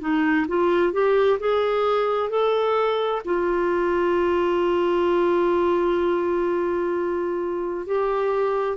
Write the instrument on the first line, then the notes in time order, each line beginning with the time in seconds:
clarinet
0.00 D#4
0.48 F4
0.93 G4
1.39 G#4
2.29 A4
3.24 F4
7.86 G4